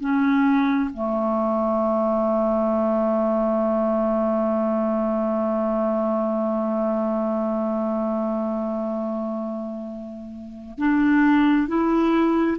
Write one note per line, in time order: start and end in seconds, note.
0.00 0.90 C#4
0.93 10.78 A3
10.78 11.67 D4
11.68 12.57 E4